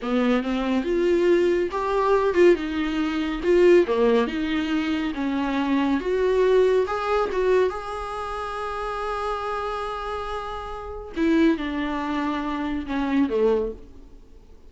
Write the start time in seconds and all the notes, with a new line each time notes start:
0.01 B3
0.42 C4
0.84 F4
1.71 G4
2.34 F4
2.55 D#4
3.43 F4
3.86 A#3
4.27 D#4
5.14 C#4
6.00 F#4
6.86 G#4
7.31 F#4
7.69 G#4
11.16 E4
11.57 D4
12.86 C#4
13.29 A3